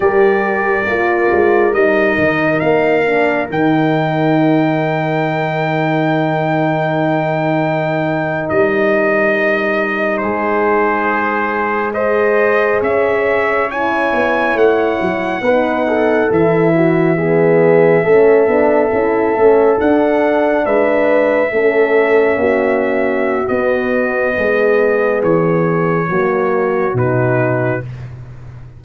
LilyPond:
<<
  \new Staff \with { instrumentName = "trumpet" } { \time 4/4 \tempo 4 = 69 d''2 dis''4 f''4 | g''1~ | g''4.~ g''16 dis''2 c''16~ | c''4.~ c''16 dis''4 e''4 gis''16~ |
gis''8. fis''2 e''4~ e''16~ | e''2~ e''8. fis''4 e''16~ | e''2. dis''4~ | dis''4 cis''2 b'4 | }
  \new Staff \with { instrumentName = "horn" } { \time 4/4 ais'1~ | ais'1~ | ais'2.~ ais'8. gis'16~ | gis'4.~ gis'16 c''4 cis''4~ cis''16~ |
cis''4.~ cis''16 b'8 a'4 fis'8 gis'16~ | gis'8. a'2. b'16~ | b'8. a'4 fis'2~ fis'16 | gis'2 fis'2 | }
  \new Staff \with { instrumentName = "horn" } { \time 4/4 g'4 f'4 dis'4. d'8 | dis'1~ | dis'1~ | dis'4.~ dis'16 gis'2 e'16~ |
e'4.~ e'16 dis'4 e'4 b16~ | b8. cis'8 d'8 e'8 cis'8 d'4~ d'16~ | d'8. cis'2~ cis'16 b4~ | b2 ais4 dis'4 | }
  \new Staff \with { instrumentName = "tuba" } { \time 4/4 g4 ais8 gis8 g8 dis8 ais4 | dis1~ | dis4.~ dis16 g2 gis16~ | gis2~ gis8. cis'4~ cis'16~ |
cis'16 b8 a8 fis8 b4 e4~ e16~ | e8. a8 b8 cis'8 a8 d'4 gis16~ | gis8. a4 ais4~ ais16 b4 | gis4 e4 fis4 b,4 | }
>>